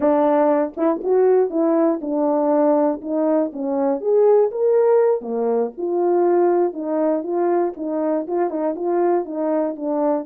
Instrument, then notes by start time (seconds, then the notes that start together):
horn
0.00 D4
0.76 E4
1.03 F#4
1.50 E4
2.01 D4
3.01 D#4
3.52 C#4
4.00 G#4
4.51 A#4
5.21 A#3
5.77 F4
6.73 D#4
7.23 F4
7.76 D#4
8.27 F4
8.50 D#4
8.75 F4
9.25 D#4
9.75 D4